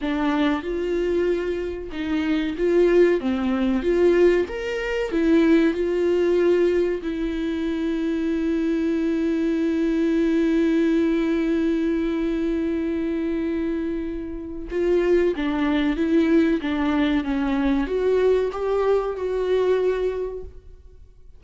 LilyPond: \new Staff \with { instrumentName = "viola" } { \time 4/4 \tempo 4 = 94 d'4 f'2 dis'4 | f'4 c'4 f'4 ais'4 | e'4 f'2 e'4~ | e'1~ |
e'1~ | e'2. f'4 | d'4 e'4 d'4 cis'4 | fis'4 g'4 fis'2 | }